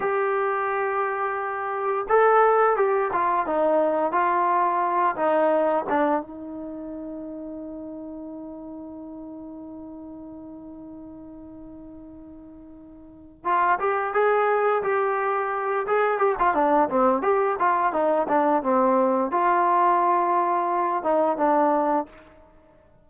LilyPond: \new Staff \with { instrumentName = "trombone" } { \time 4/4 \tempo 4 = 87 g'2. a'4 | g'8 f'8 dis'4 f'4. dis'8~ | dis'8 d'8 dis'2.~ | dis'1~ |
dis'2.~ dis'8 f'8 | g'8 gis'4 g'4. gis'8 g'16 f'16 | d'8 c'8 g'8 f'8 dis'8 d'8 c'4 | f'2~ f'8 dis'8 d'4 | }